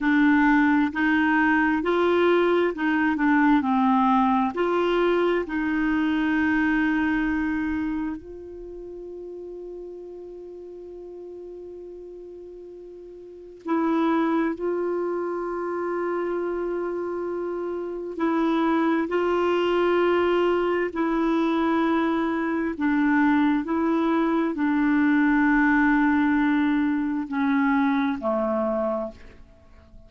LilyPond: \new Staff \with { instrumentName = "clarinet" } { \time 4/4 \tempo 4 = 66 d'4 dis'4 f'4 dis'8 d'8 | c'4 f'4 dis'2~ | dis'4 f'2.~ | f'2. e'4 |
f'1 | e'4 f'2 e'4~ | e'4 d'4 e'4 d'4~ | d'2 cis'4 a4 | }